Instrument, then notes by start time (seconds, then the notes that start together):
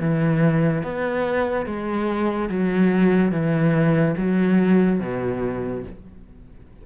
cello
0.00 E3
0.83 B3
1.66 G#3
2.50 F#3
3.32 E3
4.17 F#3
5.00 B2